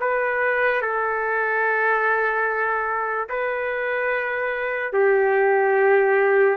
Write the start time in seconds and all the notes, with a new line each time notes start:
0.00 B4
0.81 A4
3.29 B4
4.92 G4